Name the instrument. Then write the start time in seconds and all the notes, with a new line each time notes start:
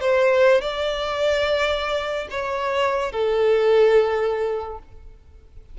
violin
0.00 C5
0.61 D5
2.30 C#5
3.12 A4